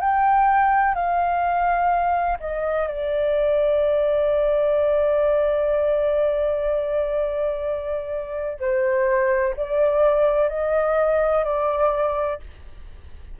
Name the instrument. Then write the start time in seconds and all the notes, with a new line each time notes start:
flute
0.00 G5
0.95 F5
2.39 D#5
2.87 D5
8.59 C5
9.56 D5
10.49 D#5
11.44 D5